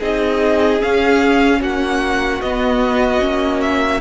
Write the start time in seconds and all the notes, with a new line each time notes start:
0.00 C4 D#4 G#4 D#5
0.81 C#4 F5
1.61 A#3 F#4 F#5
2.42 B3 D#5
3.20 A#3 C#4
3.61 E5